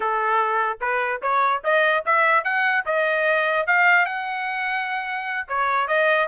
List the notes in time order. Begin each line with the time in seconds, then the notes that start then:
0.00 A4
0.80 B4
1.22 C#5
1.63 D#5
2.05 E5
2.44 F#5
2.85 D#5
3.66 F5
4.05 F#5
5.47 C#5
5.87 D#5